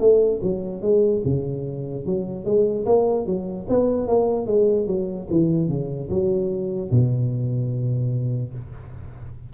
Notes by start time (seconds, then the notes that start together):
0.00 A3
0.42 F#3
0.82 G#3
1.25 C#3
2.06 F#3
2.45 G#3
2.86 A#3
3.26 F#3
3.69 B3
4.07 A#3
4.47 G#3
4.87 F#3
5.30 E3
5.69 C#3
6.10 F#3
6.91 B2